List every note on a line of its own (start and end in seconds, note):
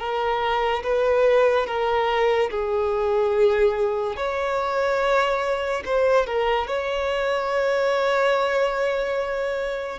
0.00 0.83 A#4
0.84 1.67 B4
1.67 2.50 A#4
2.51 4.17 G#4
4.17 5.84 C#5
5.86 6.27 C5
6.27 6.67 A#4
6.67 10.00 C#5